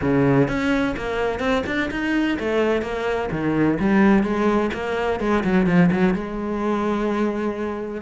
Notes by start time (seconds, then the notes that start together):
0.01 C#3
0.48 C#4
0.97 A#3
1.39 C4
1.66 D4
1.90 D#4
2.39 A3
2.82 A#3
3.31 D#3
3.79 G3
4.23 G#3
4.73 A#3
5.19 G#3
5.44 F#3
5.66 F3
5.91 F#3
6.14 G#3